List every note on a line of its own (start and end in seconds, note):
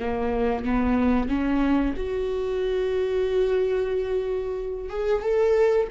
0.00 0.65 A#3
0.65 1.29 B3
1.29 1.95 C#4
1.97 4.90 F#4
4.90 5.22 G#4
5.22 5.88 A4